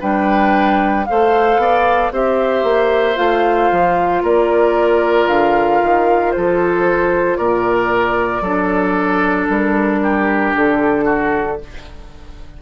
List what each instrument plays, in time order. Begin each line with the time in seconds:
0.00 bassoon G3, clarinet D4, oboe B4, flute G5
1.05 bassoon A3, clarinet A4, oboe C5, flute F5
1.57 bassoon B3, oboe D5
2.12 bassoon C4, clarinet G4, oboe C5, flute E5
2.64 bassoon A#3
3.16 bassoon A3, clarinet F4, flute F5
3.71 bassoon F3
4.23 bassoon A#3, oboe A#4, flute D5
5.27 bassoon D3, flute F5
5.83 bassoon D#3
6.31 bassoon F3, oboe A4, flute C5
7.36 bassoon A#2, oboe A#4, flute D5
8.41 bassoon F#3, clarinet D4, oboe A4
9.49 bassoon G3, flute A#4
10.03 oboe G4
10.55 bassoon D3, flute A4
11.05 oboe F#4